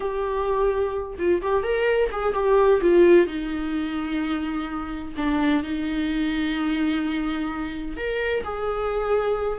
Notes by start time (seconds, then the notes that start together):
0.00 G4
1.18 F4
1.42 G4
1.63 A#4
2.11 G#4
2.33 G4
2.81 F4
3.26 D#4
5.16 D4
5.63 D#4
7.96 A#4
8.44 G#4